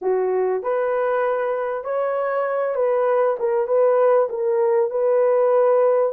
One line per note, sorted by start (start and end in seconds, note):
0.01 0.62 F#4
0.62 1.84 B4
1.84 2.75 C#5
2.75 3.36 B4
3.39 3.67 A#4
3.67 4.28 B4
4.29 4.90 A#4
4.90 6.12 B4